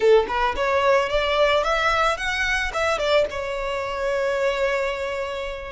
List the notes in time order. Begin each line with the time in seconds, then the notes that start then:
0.00 A4
0.28 B4
0.56 C#5
1.09 D5
1.63 E5
2.17 F#5
2.73 E5
2.98 D5
3.30 C#5